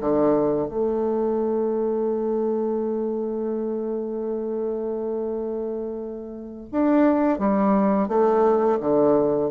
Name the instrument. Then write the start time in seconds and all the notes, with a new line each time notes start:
bassoon
0.00 D3
0.68 A3
6.72 D4
7.38 G3
8.08 A3
8.80 D3